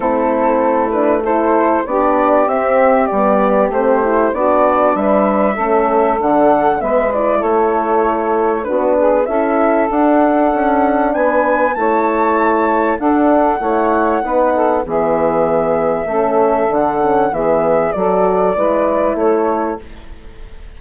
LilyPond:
<<
  \new Staff \with { instrumentName = "flute" } { \time 4/4 \tempo 4 = 97 a'4. b'8 c''4 d''4 | e''4 d''4 c''4 d''4 | e''2 fis''4 e''8 d''8 | cis''2 b'4 e''4 |
fis''2 gis''4 a''4~ | a''4 fis''2. | e''2. fis''4 | e''4 d''2 cis''4 | }
  \new Staff \with { instrumentName = "saxophone" } { \time 4/4 e'2 a'4 g'4~ | g'2. fis'4 | b'4 a'2 b'4 | a'2 fis'8 gis'8 a'4~ |
a'2 b'4 cis''4~ | cis''4 a'4 cis''4 b'8 a'8 | gis'2 a'2 | gis'4 a'4 b'4 a'4 | }
  \new Staff \with { instrumentName = "horn" } { \time 4/4 c'4. d'8 e'4 d'4 | c'4 b4 c'8 e'8 d'4~ | d'4 cis'4 d'4 b8 e'8~ | e'2 d'4 e'4 |
d'2. e'4~ | e'4 d'4 e'4 dis'4 | b2 cis'4 d'8 cis'8 | b4 fis'4 e'2 | }
  \new Staff \with { instrumentName = "bassoon" } { \time 4/4 a2. b4 | c'4 g4 a4 b4 | g4 a4 d4 gis4 | a2 b4 cis'4 |
d'4 cis'4 b4 a4~ | a4 d'4 a4 b4 | e2 a4 d4 | e4 fis4 gis4 a4 | }
>>